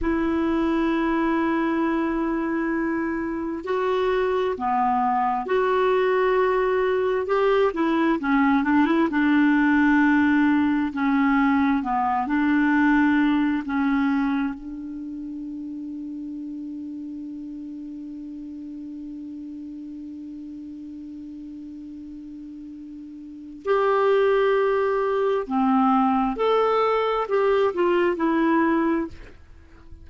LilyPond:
\new Staff \with { instrumentName = "clarinet" } { \time 4/4 \tempo 4 = 66 e'1 | fis'4 b4 fis'2 | g'8 e'8 cis'8 d'16 e'16 d'2 | cis'4 b8 d'4. cis'4 |
d'1~ | d'1~ | d'2 g'2 | c'4 a'4 g'8 f'8 e'4 | }